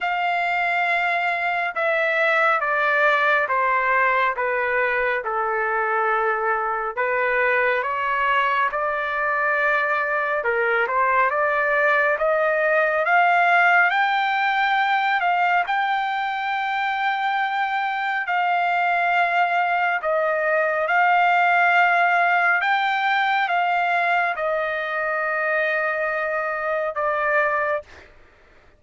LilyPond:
\new Staff \with { instrumentName = "trumpet" } { \time 4/4 \tempo 4 = 69 f''2 e''4 d''4 | c''4 b'4 a'2 | b'4 cis''4 d''2 | ais'8 c''8 d''4 dis''4 f''4 |
g''4. f''8 g''2~ | g''4 f''2 dis''4 | f''2 g''4 f''4 | dis''2. d''4 | }